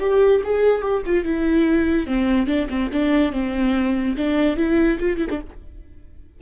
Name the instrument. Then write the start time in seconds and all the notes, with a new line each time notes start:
viola
0.00 G4
0.44 G#4
0.82 G4
1.06 F4
1.24 E4
2.07 C4
2.47 D4
2.70 C4
2.92 D4
3.32 C4
4.17 D4
4.57 E4
4.99 F4
5.17 E4
5.30 D4